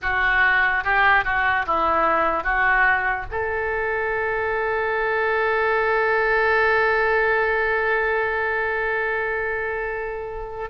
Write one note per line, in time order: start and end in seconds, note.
0.01 0.84 F#4
0.84 1.24 G4
1.24 1.65 F#4
1.66 2.43 E4
2.43 3.25 F#4
3.31 10.70 A4